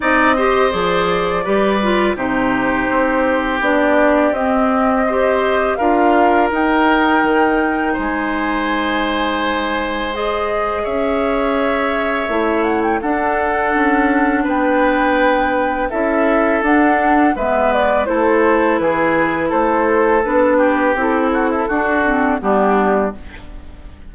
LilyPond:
<<
  \new Staff \with { instrumentName = "flute" } { \time 4/4 \tempo 4 = 83 dis''4 d''2 c''4~ | c''4 d''4 dis''2 | f''4 g''2 gis''4~ | gis''2 dis''4 e''4~ |
e''4. fis''16 g''16 fis''2 | g''2 e''4 fis''4 | e''8 d''8 c''4 b'4 c''4 | b'4 a'2 g'4 | }
  \new Staff \with { instrumentName = "oboe" } { \time 4/4 d''8 c''4. b'4 g'4~ | g'2. c''4 | ais'2. c''4~ | c''2. cis''4~ |
cis''2 a'2 | b'2 a'2 | b'4 a'4 gis'4 a'4~ | a'8 g'4 fis'16 e'16 fis'4 d'4 | }
  \new Staff \with { instrumentName = "clarinet" } { \time 4/4 dis'8 g'8 gis'4 g'8 f'8 dis'4~ | dis'4 d'4 c'4 g'4 | f'4 dis'2.~ | dis'2 gis'2~ |
gis'4 e'4 d'2~ | d'2 e'4 d'4 | b4 e'2. | d'4 e'4 d'8 c'8 b4 | }
  \new Staff \with { instrumentName = "bassoon" } { \time 4/4 c'4 f4 g4 c4 | c'4 b4 c'2 | d'4 dis'4 dis4 gis4~ | gis2. cis'4~ |
cis'4 a4 d'4 cis'4 | b2 cis'4 d'4 | gis4 a4 e4 a4 | b4 c'4 d'4 g4 | }
>>